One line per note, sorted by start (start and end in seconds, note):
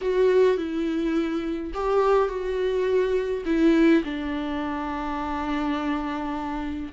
0.01 0.57 F#4
0.57 1.72 E4
1.74 2.28 G4
2.28 3.44 F#4
3.45 4.03 E4
4.04 6.92 D4